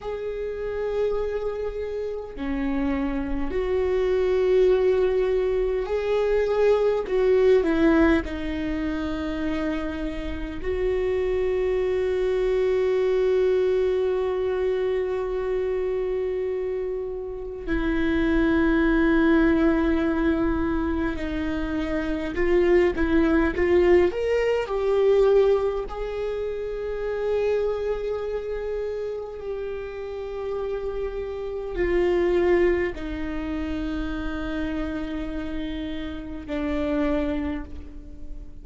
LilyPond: \new Staff \with { instrumentName = "viola" } { \time 4/4 \tempo 4 = 51 gis'2 cis'4 fis'4~ | fis'4 gis'4 fis'8 e'8 dis'4~ | dis'4 fis'2.~ | fis'2. e'4~ |
e'2 dis'4 f'8 e'8 | f'8 ais'8 g'4 gis'2~ | gis'4 g'2 f'4 | dis'2. d'4 | }